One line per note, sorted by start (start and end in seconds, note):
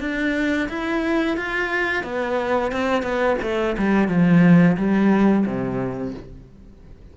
0.00 0.68 D4
0.69 1.37 E4
1.37 2.03 F4
2.03 2.71 B3
2.71 3.02 C4
3.02 3.37 B3
3.42 3.76 A3
3.78 4.08 G3
4.08 4.76 F3
4.77 5.45 G3
5.45 6.14 C3